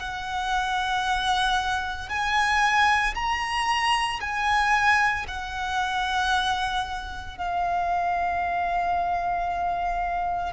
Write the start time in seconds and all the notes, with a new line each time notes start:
0.00 F#5
2.09 G#5
3.15 A#5
4.21 G#5
5.28 F#5
7.38 F5